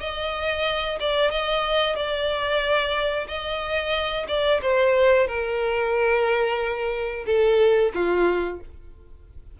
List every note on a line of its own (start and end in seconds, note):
0.00 0.99 D#5
1.00 1.31 D5
1.31 1.95 D#5
1.95 3.27 D5
3.27 4.26 D#5
4.28 4.61 D5
4.62 5.27 C5
5.27 7.25 A#4
7.26 7.92 A4
7.94 8.60 F4